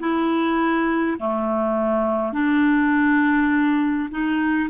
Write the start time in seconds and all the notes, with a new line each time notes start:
0.00 E4
1.20 A3
2.33 D4
4.11 D#4